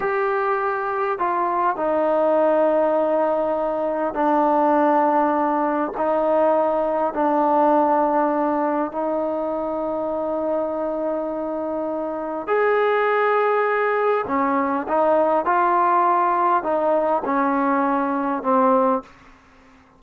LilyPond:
\new Staff \with { instrumentName = "trombone" } { \time 4/4 \tempo 4 = 101 g'2 f'4 dis'4~ | dis'2. d'4~ | d'2 dis'2 | d'2. dis'4~ |
dis'1~ | dis'4 gis'2. | cis'4 dis'4 f'2 | dis'4 cis'2 c'4 | }